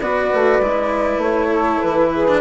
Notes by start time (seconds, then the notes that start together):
0.00 B3 F#4 B4 D5
0.33 A3
0.60 G#3 E4
1.18 A3 C#5
1.48 A4
1.82 E3 B4
2.14 G#4
2.28 D4